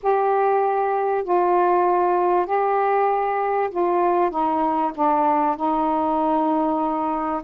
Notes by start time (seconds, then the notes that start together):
0.02 G4
1.23 F4
2.46 G4
3.70 F4
4.30 D#4
4.94 D4
5.56 D#4